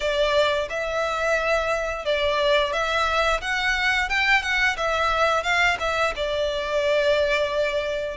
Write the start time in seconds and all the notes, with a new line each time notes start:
0.00 D5
0.69 E5
2.05 D5
2.72 E5
3.41 F#5
4.09 G5
4.42 F#5
4.77 E5
5.43 F5
5.79 E5
6.15 D5